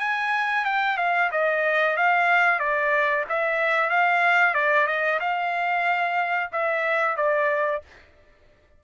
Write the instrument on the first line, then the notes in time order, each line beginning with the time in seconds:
trumpet
0.00 G#5
0.65 G5
0.98 F5
1.32 D#5
1.97 F5
2.60 D5
3.29 E5
3.90 F5
4.54 D5
4.87 D#5
5.20 F5
6.52 E5
7.17 D5